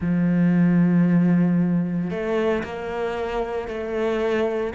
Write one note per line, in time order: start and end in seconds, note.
0.00 2.10 F3
2.10 2.63 A3
2.63 3.68 A#3
3.68 4.73 A3